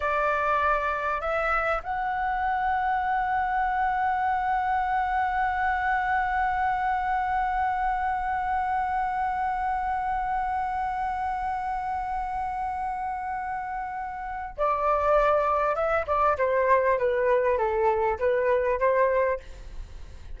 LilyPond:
\new Staff \with { instrumentName = "flute" } { \time 4/4 \tempo 4 = 99 d''2 e''4 fis''4~ | fis''1~ | fis''1~ | fis''1~ |
fis''1~ | fis''1 | d''2 e''8 d''8 c''4 | b'4 a'4 b'4 c''4 | }